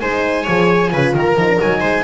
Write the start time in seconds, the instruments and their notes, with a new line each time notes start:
0.00 double bass G#3, horn D#4, viola C5, trumpet G#5
0.43 double bass F3, horn G#4, viola C#5
0.93 double bass C#3, horn F4, viola B4
1.14 double bass D#3, viola A#4, trumpet A#5
1.36 double bass F3, horn D#4
1.49 horn D4
1.58 double bass F#3, horn D#4, trumpet G#5
1.80 double bass G#3, viola C5